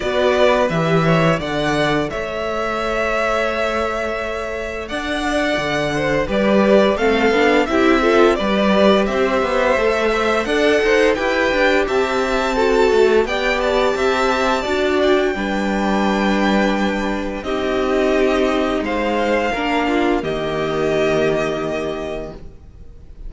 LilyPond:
<<
  \new Staff \with { instrumentName = "violin" } { \time 4/4 \tempo 4 = 86 d''4 e''4 fis''4 e''4~ | e''2. fis''4~ | fis''4 d''4 f''4 e''4 | d''4 e''2 fis''4 |
g''4 a''2 g''8 a''8~ | a''4. g''2~ g''8~ | g''4 dis''2 f''4~ | f''4 dis''2. | }
  \new Staff \with { instrumentName = "violin" } { \time 4/4 b'4. cis''8 d''4 cis''4~ | cis''2. d''4~ | d''8 c''8 b'4 a'4 g'8 a'8 | b'4 c''4. e''8 d''8 c''8 |
b'4 e''4 a'4 d''4 | e''4 d''4 b'2~ | b'4 g'2 c''4 | ais'8 f'8 g'2. | }
  \new Staff \with { instrumentName = "viola" } { \time 4/4 fis'4 g'4 a'2~ | a'1~ | a'4 g'4 c'8 d'8 e'8 f'8 | g'2 a'8 c''8 a'4 |
g'2 fis'4 g'4~ | g'4 fis'4 d'2~ | d'4 dis'2. | d'4 ais2. | }
  \new Staff \with { instrumentName = "cello" } { \time 4/4 b4 e4 d4 a4~ | a2. d'4 | d4 g4 a8 b8 c'4 | g4 c'8 b8 a4 d'8 dis'8 |
e'8 d'8 c'4. a8 b4 | c'4 d'4 g2~ | g4 c'2 gis4 | ais4 dis2. | }
>>